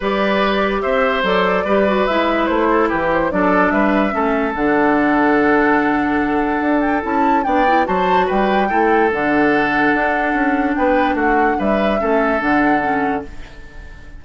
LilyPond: <<
  \new Staff \with { instrumentName = "flute" } { \time 4/4 \tempo 4 = 145 d''2 e''4 d''4~ | d''4 e''4 c''4 b'8 c''8 | d''4 e''2 fis''4~ | fis''1~ |
fis''8 g''8 a''4 g''4 a''4 | g''2 fis''2~ | fis''2 g''4 fis''4 | e''2 fis''2 | }
  \new Staff \with { instrumentName = "oboe" } { \time 4/4 b'2 c''2 | b'2~ b'8 a'8 g'4 | a'4 b'4 a'2~ | a'1~ |
a'2 d''4 c''4 | b'4 a'2.~ | a'2 b'4 fis'4 | b'4 a'2. | }
  \new Staff \with { instrumentName = "clarinet" } { \time 4/4 g'2. a'4 | g'8 fis'8 e'2. | d'2 cis'4 d'4~ | d'1~ |
d'4 e'4 d'8 e'8 fis'4~ | fis'4 e'4 d'2~ | d'1~ | d'4 cis'4 d'4 cis'4 | }
  \new Staff \with { instrumentName = "bassoon" } { \time 4/4 g2 c'4 fis4 | g4 gis4 a4 e4 | fis4 g4 a4 d4~ | d1 |
d'4 cis'4 b4 fis4 | g4 a4 d2 | d'4 cis'4 b4 a4 | g4 a4 d2 | }
>>